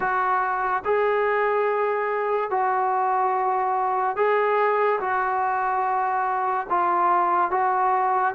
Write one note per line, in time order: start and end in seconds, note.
0.00 0.83 F#4
0.84 2.50 G#4
2.50 4.16 F#4
4.16 4.99 G#4
5.00 6.67 F#4
6.69 7.50 F4
7.50 8.34 F#4